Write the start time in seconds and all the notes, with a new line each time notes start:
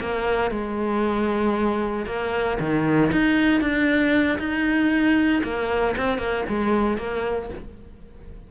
0.00 A#3
0.51 G#3
2.06 A#3
2.60 D#3
3.12 D#4
3.61 D4
4.39 D#4
5.44 A#3
5.97 C4
6.18 A#3
6.49 G#3
6.98 A#3